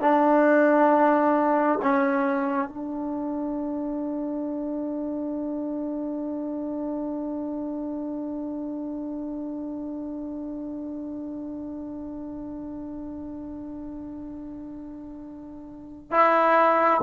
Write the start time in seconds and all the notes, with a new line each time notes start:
0.00 D4
1.82 C#4
2.69 D4
16.11 E4